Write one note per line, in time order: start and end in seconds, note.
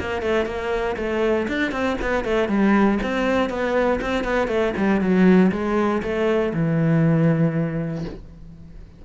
0.00 0.22 A#3
0.22 0.46 A3
0.46 0.96 A#3
0.97 1.47 A3
1.49 1.72 D4
1.72 1.97 C4
2.02 2.25 B3
2.25 2.49 A3
2.49 2.99 G3
3.03 3.50 C4
3.50 4.00 B3
4.01 4.24 C4
4.24 4.48 B3
4.48 4.73 A3
4.77 5.01 G3
5.01 5.52 F#3
5.52 6.02 G#3
6.03 6.53 A3
6.54 8.05 E3